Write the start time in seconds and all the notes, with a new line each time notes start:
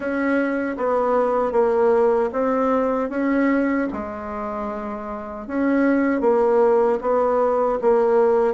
0.00 C#4
0.77 B3
1.52 A#3
2.32 C4
3.09 C#4
3.92 G#3
5.47 C#4
6.21 A#3
7.01 B3
7.81 A#3